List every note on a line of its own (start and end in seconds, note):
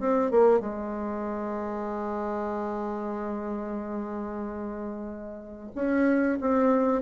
0.00 0.31 C4
0.31 0.60 A#3
0.60 5.71 G#3
5.75 6.39 C#4
6.41 7.02 C4